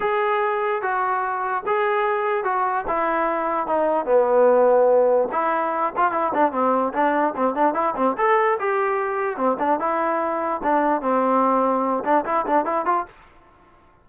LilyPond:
\new Staff \with { instrumentName = "trombone" } { \time 4/4 \tempo 4 = 147 gis'2 fis'2 | gis'2 fis'4 e'4~ | e'4 dis'4 b2~ | b4 e'4. f'8 e'8 d'8 |
c'4 d'4 c'8 d'8 e'8 c'8 | a'4 g'2 c'8 d'8 | e'2 d'4 c'4~ | c'4. d'8 e'8 d'8 e'8 f'8 | }